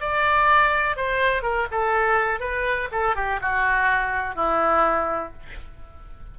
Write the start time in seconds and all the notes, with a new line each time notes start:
0.00 D5
0.96 C5
1.42 A#4
1.71 A4
2.40 B4
2.92 A4
3.16 G4
3.41 F#4
4.35 E4